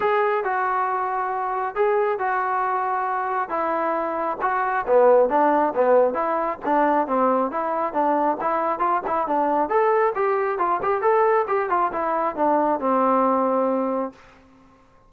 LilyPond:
\new Staff \with { instrumentName = "trombone" } { \time 4/4 \tempo 4 = 136 gis'4 fis'2. | gis'4 fis'2. | e'2 fis'4 b4 | d'4 b4 e'4 d'4 |
c'4 e'4 d'4 e'4 | f'8 e'8 d'4 a'4 g'4 | f'8 g'8 a'4 g'8 f'8 e'4 | d'4 c'2. | }